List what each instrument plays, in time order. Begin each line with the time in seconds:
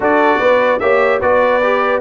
0.00 tuba D4, trombone F#4, horn A4, trumpet D5
0.39 tuba B3, horn B4
0.79 tuba A#3, trombone G4, horn C#5, trumpet E5
1.20 tuba B3, trombone F#4, horn B4, trumpet D5
1.63 trombone G4